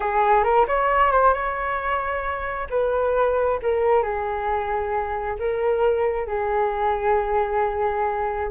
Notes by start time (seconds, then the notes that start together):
0.00 G#4
0.43 A#4
0.67 C#5
1.11 C5
1.33 C#5
2.70 B4
3.62 A#4
4.03 G#4
5.39 A#4
6.27 G#4